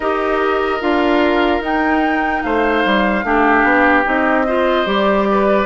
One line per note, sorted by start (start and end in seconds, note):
0.00 0.80 D#4
0.00 0.81 G4
0.00 2.42 A#4
0.00 0.81 D#5
0.81 1.60 D4
0.81 1.61 F4
0.81 1.62 F5
1.60 2.41 D#4
1.60 3.24 D#4
1.60 2.43 G5
2.43 2.84 A3
2.43 3.25 C5
2.43 4.05 F5
2.85 3.23 G3
3.23 3.63 A3
3.23 4.04 D4
3.23 4.46 G4
3.63 4.04 B3
4.04 4.85 C4
4.04 4.44 D#4
4.04 4.87 D#5
4.46 4.85 F4
4.46 5.27 C5
4.85 5.66 G3
4.85 5.66 G4
4.85 5.66 D5
5.30 5.66 B4